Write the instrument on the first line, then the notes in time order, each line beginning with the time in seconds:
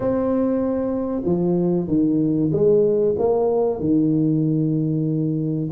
tuba
0.00 C4
1.25 F3
1.87 D#3
2.52 G#3
3.18 A#3
3.80 D#3